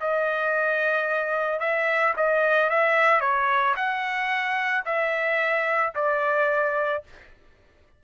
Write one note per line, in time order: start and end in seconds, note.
0.00 1.59 D#5
1.59 2.14 E5
2.16 2.70 D#5
2.70 3.20 E5
3.20 3.74 C#5
3.76 4.84 F#5
4.85 5.93 E5
5.95 7.03 D5